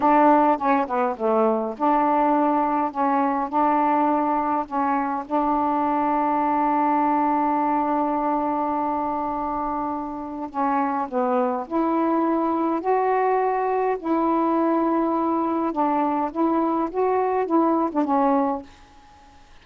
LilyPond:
\new Staff \with { instrumentName = "saxophone" } { \time 4/4 \tempo 4 = 103 d'4 cis'8 b8 a4 d'4~ | d'4 cis'4 d'2 | cis'4 d'2.~ | d'1~ |
d'2 cis'4 b4 | e'2 fis'2 | e'2. d'4 | e'4 fis'4 e'8. d'16 cis'4 | }